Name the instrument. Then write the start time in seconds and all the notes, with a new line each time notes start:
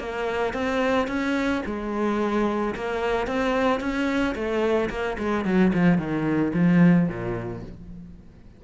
cello
0.00 A#3
0.54 C4
1.08 C#4
1.66 G#3
2.75 A#3
3.28 C4
3.81 C#4
4.35 A3
4.90 A#3
5.19 G#3
5.46 F#3
5.74 F3
5.98 D#3
6.54 F3
7.09 A#2